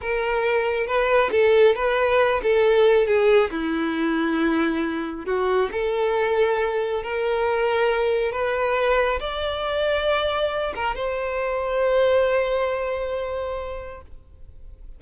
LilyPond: \new Staff \with { instrumentName = "violin" } { \time 4/4 \tempo 4 = 137 ais'2 b'4 a'4 | b'4. a'4. gis'4 | e'1 | fis'4 a'2. |
ais'2. b'4~ | b'4 d''2.~ | d''8 ais'8 c''2.~ | c''1 | }